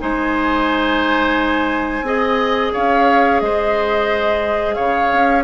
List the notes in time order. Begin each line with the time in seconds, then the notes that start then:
0.00 G#3 D#4 C5 G#5
2.03 C4 G#4 D#5
2.73 C#4 C#5 F5
3.40 G#3 C5 D#5
4.75 C#3 C#5 F5
5.13 C#4